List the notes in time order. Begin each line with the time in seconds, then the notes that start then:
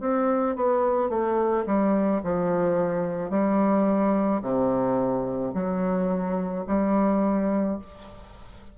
0.00 C4
0.56 B3
1.09 A3
1.66 G3
2.23 F3
3.30 G3
4.41 C3
5.54 F#3
6.67 G3